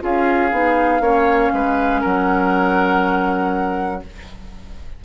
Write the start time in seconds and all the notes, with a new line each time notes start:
0.00 C#4 F4 G#4 F5
0.51 B3 D#4
1.00 A#3 C#4 C#5
1.52 G#3 B4
2.01 F#3 A#4 F#5